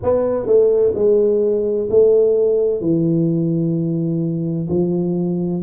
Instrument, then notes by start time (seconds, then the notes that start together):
tuba
0.03 B3
0.46 A3
0.95 G#3
1.90 A3
2.80 E3
4.69 F3